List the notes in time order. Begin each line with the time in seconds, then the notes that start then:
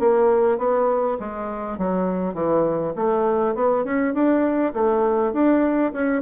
0.00 A#3
0.58 B3
1.20 G#3
1.78 F#3
2.34 E3
2.96 A3
3.55 B3
3.85 C#4
4.14 D4
4.74 A3
5.33 D4
5.93 C#4